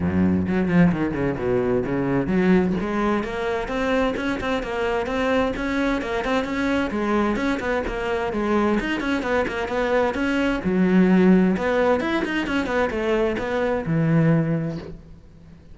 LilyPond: \new Staff \with { instrumentName = "cello" } { \time 4/4 \tempo 4 = 130 fis,4 fis8 f8 dis8 cis8 b,4 | cis4 fis4 gis4 ais4 | c'4 cis'8 c'8 ais4 c'4 | cis'4 ais8 c'8 cis'4 gis4 |
cis'8 b8 ais4 gis4 dis'8 cis'8 | b8 ais8 b4 cis'4 fis4~ | fis4 b4 e'8 dis'8 cis'8 b8 | a4 b4 e2 | }